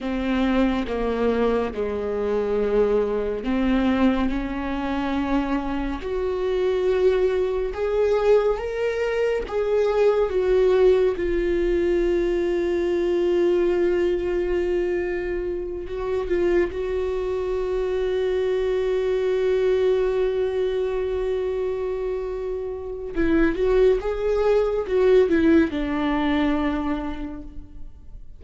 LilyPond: \new Staff \with { instrumentName = "viola" } { \time 4/4 \tempo 4 = 70 c'4 ais4 gis2 | c'4 cis'2 fis'4~ | fis'4 gis'4 ais'4 gis'4 | fis'4 f'2.~ |
f'2~ f'8 fis'8 f'8 fis'8~ | fis'1~ | fis'2. e'8 fis'8 | gis'4 fis'8 e'8 d'2 | }